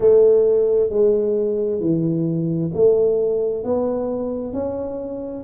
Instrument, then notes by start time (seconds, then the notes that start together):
tuba
0.00 A3
0.89 G#3
1.80 E3
2.74 A3
3.64 B3
4.52 C#4